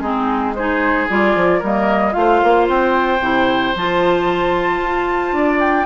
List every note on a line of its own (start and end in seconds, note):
0.00 1.06 G#3
0.00 0.56 C4
0.00 0.55 D#4
0.00 0.53 G#4
0.55 1.09 D#4
0.55 1.59 G#4
0.55 1.08 C5
1.09 1.35 G3
1.09 1.62 F4
1.09 1.63 D5
1.35 1.62 F3
1.59 2.15 G3
1.59 2.12 A#3
1.59 2.12 A#4
1.59 2.13 D#5
2.12 2.42 A3
2.12 3.18 F4
2.12 2.66 F5
2.18 5.36 C5
2.43 2.69 A#3
2.69 3.20 C4
2.69 3.76 G5
3.20 3.73 C3
3.20 3.75 E4
3.75 4.80 F3
3.75 5.86 F4
3.75 5.60 A5
4.80 5.33 F4
5.33 5.86 D4
5.33 5.86 D5
5.60 5.86 G5